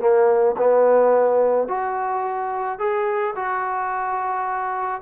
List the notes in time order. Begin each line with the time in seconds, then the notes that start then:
0.00 A#3
0.58 B3
1.68 F#4
2.79 G#4
3.36 F#4